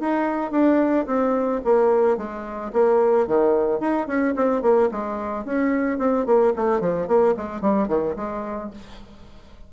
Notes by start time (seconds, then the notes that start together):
0.00 D#4
0.52 D4
1.07 C4
1.65 A#3
2.17 G#3
2.73 A#3
3.28 D#3
3.80 D#4
4.07 C#4
4.36 C4
4.62 A#3
4.91 G#3
5.45 C#4
5.99 C4
6.26 A#3
6.56 A3
6.80 F3
7.08 A#3
7.37 G#3
7.61 G3
7.88 D#3
8.16 G#3